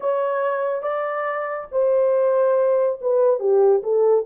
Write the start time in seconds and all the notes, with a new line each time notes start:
0.00 C#5
0.82 D5
1.71 C5
3.01 B4
3.39 G4
3.83 A4